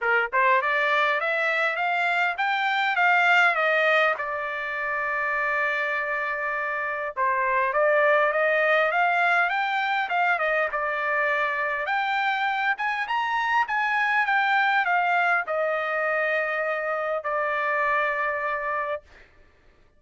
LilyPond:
\new Staff \with { instrumentName = "trumpet" } { \time 4/4 \tempo 4 = 101 ais'8 c''8 d''4 e''4 f''4 | g''4 f''4 dis''4 d''4~ | d''1 | c''4 d''4 dis''4 f''4 |
g''4 f''8 dis''8 d''2 | g''4. gis''8 ais''4 gis''4 | g''4 f''4 dis''2~ | dis''4 d''2. | }